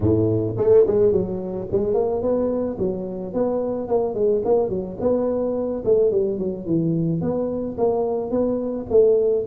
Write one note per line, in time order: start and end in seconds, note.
0.00 0.56 A2
0.57 0.85 A3
0.86 1.12 G#3
1.12 1.67 F#3
1.71 1.94 G#3
1.94 2.21 A#3
2.21 2.77 B3
2.78 3.33 F#3
3.33 3.88 B3
3.88 4.14 A#3
4.14 4.42 G#3
4.44 4.69 A#3
4.69 4.97 F#3
5.00 5.83 B3
5.84 6.11 A3
6.11 6.38 G3
6.38 6.66 F#3
6.66 7.21 E3
7.21 7.76 B3
7.77 8.31 A#3
8.31 8.86 B3
8.89 9.45 A3